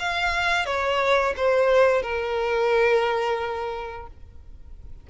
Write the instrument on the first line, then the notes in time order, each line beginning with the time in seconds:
violin
0.00 F5
0.66 C#5
1.37 C5
2.03 A#4